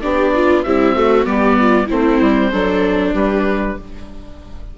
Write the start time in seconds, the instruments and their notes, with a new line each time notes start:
0.00 bassoon B3, viola D4 G4, oboe D5
0.34 viola F4
0.62 viola G3 E4, bassoon C4, oboe E5
0.95 viola A3 F#4
1.24 bassoon G3, viola B3 G4, oboe D5
1.60 viola F4
1.86 bassoon A3, viola C4 E4, oboe C5
2.20 bassoon G3
2.51 bassoon F#3, viola D4 A4
3.13 bassoon G3, viola G4, oboe B4